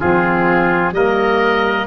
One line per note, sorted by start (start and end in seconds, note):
0.00 0.92 F3
0.00 0.93 C4
0.00 0.94 F4
0.00 0.94 G#4
0.92 1.86 G3
0.92 1.87 A#3
0.92 1.87 A#4
0.92 1.87 D#5